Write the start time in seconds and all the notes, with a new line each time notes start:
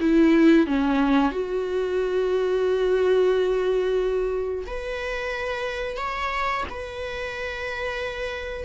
0.00 E4
0.66 C#4
1.31 F#4
4.66 B4
5.97 C#5
6.70 B4